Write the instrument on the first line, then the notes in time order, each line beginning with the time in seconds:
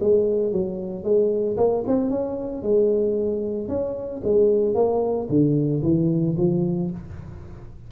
tuba
0.00 G#3
0.52 F#3
1.03 G#3
1.57 A#3
1.87 C4
2.10 C#4
2.62 G#3
3.68 C#4
4.23 G#3
4.74 A#3
5.29 D3
5.82 E3
6.37 F3